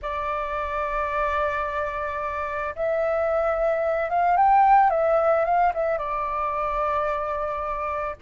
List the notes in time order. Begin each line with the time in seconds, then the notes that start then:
0.01 D5
2.75 E5
4.09 F5
4.36 G5
4.90 E5
5.44 F5
5.74 E5
5.98 D5